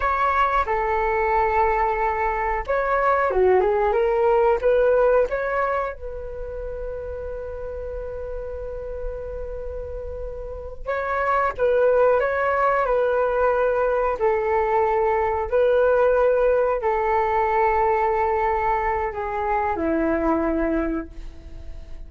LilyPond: \new Staff \with { instrumentName = "flute" } { \time 4/4 \tempo 4 = 91 cis''4 a'2. | cis''4 fis'8 gis'8 ais'4 b'4 | cis''4 b'2.~ | b'1~ |
b'8 cis''4 b'4 cis''4 b'8~ | b'4. a'2 b'8~ | b'4. a'2~ a'8~ | a'4 gis'4 e'2 | }